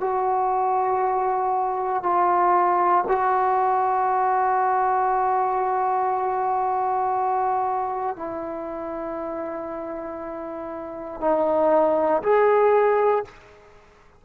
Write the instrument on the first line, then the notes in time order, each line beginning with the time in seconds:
trombone
0.00 F#4
2.02 F4
3.07 F#4
8.16 E4
11.20 D#4
12.23 G#4